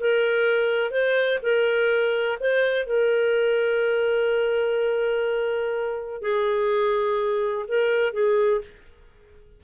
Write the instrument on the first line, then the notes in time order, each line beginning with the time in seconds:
clarinet
0.00 A#4
0.91 C5
1.42 A#4
2.40 C5
2.86 A#4
6.21 G#4
7.68 A#4
8.13 G#4